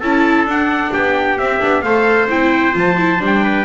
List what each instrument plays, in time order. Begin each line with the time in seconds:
0.00 double bass C#4, viola E4, trumpet A4 A5
0.46 double bass D4, viola D4, trumpet F#5
0.93 double bass B3, trumpet G4 G5
1.38 double bass C4, viola C4, trumpet E5
1.61 double bass B3, viola D4
1.82 double bass A3, viola A4, trumpet C5 F5
2.30 double bass C4, viola E4, trumpet G5
2.73 double bass F3, viola F4, trumpet A5
2.98 viola E4
3.19 double bass G3, viola D4
3.26 trumpet G5
3.44 trumpet B4